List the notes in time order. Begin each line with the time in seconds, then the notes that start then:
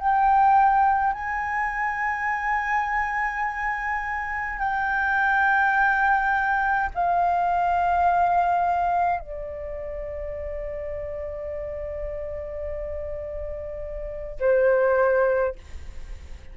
0.00 G5
1.13 G#5
4.59 G5
6.95 F5
9.20 D5
14.40 C5